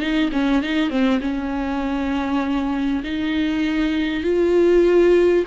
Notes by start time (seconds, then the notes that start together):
0.00 D#4
0.33 C#4
0.63 D#4
0.90 C4
1.21 C#4
3.04 D#4
4.24 F4